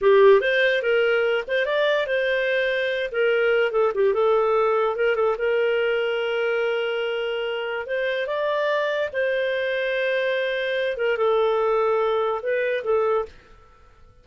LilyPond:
\new Staff \with { instrumentName = "clarinet" } { \time 4/4 \tempo 4 = 145 g'4 c''4 ais'4. c''8 | d''4 c''2~ c''8 ais'8~ | ais'4 a'8 g'8 a'2 | ais'8 a'8 ais'2.~ |
ais'2. c''4 | d''2 c''2~ | c''2~ c''8 ais'8 a'4~ | a'2 b'4 a'4 | }